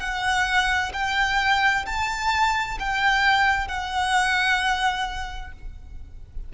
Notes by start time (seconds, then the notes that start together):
0.00 F#5
0.93 G5
1.86 A5
2.79 G5
3.68 F#5